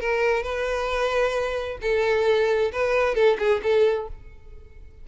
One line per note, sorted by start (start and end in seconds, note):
0.00 0.43 A#4
0.43 1.78 B4
1.81 2.71 A4
2.72 3.15 B4
3.15 3.37 A4
3.38 3.61 G#4
3.63 4.08 A4